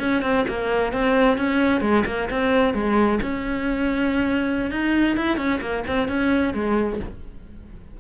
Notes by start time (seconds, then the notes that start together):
0.00 C#4
0.22 C4
0.49 A#3
0.93 C4
1.38 C#4
1.81 G#3
2.06 A#3
2.31 C4
2.74 G#3
3.23 C#4
4.72 D#4
5.17 E4
5.37 C#4
5.61 A#3
5.88 C4
6.09 C#4
6.54 G#3